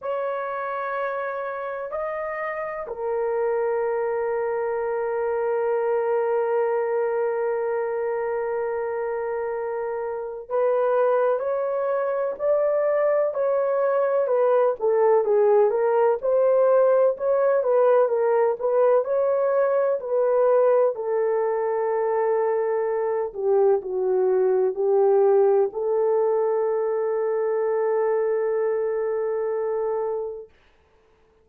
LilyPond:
\new Staff \with { instrumentName = "horn" } { \time 4/4 \tempo 4 = 63 cis''2 dis''4 ais'4~ | ais'1~ | ais'2. b'4 | cis''4 d''4 cis''4 b'8 a'8 |
gis'8 ais'8 c''4 cis''8 b'8 ais'8 b'8 | cis''4 b'4 a'2~ | a'8 g'8 fis'4 g'4 a'4~ | a'1 | }